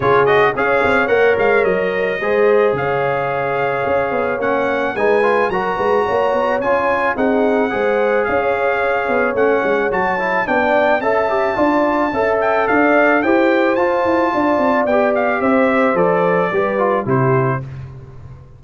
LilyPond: <<
  \new Staff \with { instrumentName = "trumpet" } { \time 4/4 \tempo 4 = 109 cis''8 dis''8 f''4 fis''8 f''8 dis''4~ | dis''4 f''2. | fis''4 gis''4 ais''2 | gis''4 fis''2 f''4~ |
f''4 fis''4 a''4 g''4 | a''2~ a''8 g''8 f''4 | g''4 a''2 g''8 f''8 | e''4 d''2 c''4 | }
  \new Staff \with { instrumentName = "horn" } { \time 4/4 gis'4 cis''2. | c''4 cis''2.~ | cis''4 b'4 ais'8 b'8 cis''4~ | cis''4 gis'4 c''4 cis''4~ |
cis''2. d''4 | e''4 d''4 e''4 d''4 | c''2 d''2 | c''2 b'4 g'4 | }
  \new Staff \with { instrumentName = "trombone" } { \time 4/4 f'8 fis'8 gis'4 ais'2 | gis'1 | cis'4 dis'8 f'8 fis'2 | f'4 dis'4 gis'2~ |
gis'4 cis'4 fis'8 e'8 d'4 | a'8 g'8 f'4 a'2 | g'4 f'2 g'4~ | g'4 a'4 g'8 f'8 e'4 | }
  \new Staff \with { instrumentName = "tuba" } { \time 4/4 cis4 cis'8 c'8 ais8 gis8 fis4 | gis4 cis2 cis'8 b8 | ais4 gis4 fis8 gis8 ais8 b8 | cis'4 c'4 gis4 cis'4~ |
cis'8 b8 a8 gis8 fis4 b4 | cis'4 d'4 cis'4 d'4 | e'4 f'8 e'8 d'8 c'8 b4 | c'4 f4 g4 c4 | }
>>